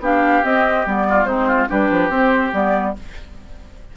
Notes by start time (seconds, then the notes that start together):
0.00 B3 D4 G4 F5
0.43 C4 D#5
0.86 G3 B3 D5
1.10 F4
1.24 G#3 C4 D#4 C5
1.47 F4
1.69 G3 D4 G4 B4
1.91 F3
2.09 C4 C5
2.52 G3 B3 D5